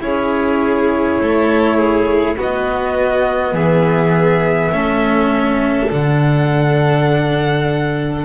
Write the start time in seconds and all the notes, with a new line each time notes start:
0.00 C#4 E4 G#4 C#5
1.20 A3 A4
1.77 G#4
2.37 B3 F#4 D#5
3.52 E3 G#4 E5
4.71 A3 C#4 A4
5.90 D3 D4 F#5